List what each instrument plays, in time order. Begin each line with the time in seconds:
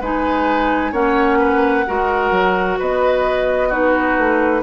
0.00 bassoon G#3, clarinet D#4, oboe B4, flute G#5
0.91 bassoon A#3, clarinet C#4, oboe C#5, flute F#5
1.38 oboe B4
1.86 bassoon G#3, clarinet F#4, oboe A#4
2.31 bassoon F#3
2.78 bassoon B3, oboe B4, flute D#5
3.68 clarinet D#4, oboe F#4, flute B4
4.18 bassoon A3